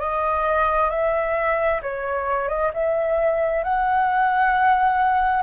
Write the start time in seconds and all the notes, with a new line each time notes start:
0.00 D#5
0.90 E5
1.82 C#5
2.48 D#5
2.74 E5
3.64 F#5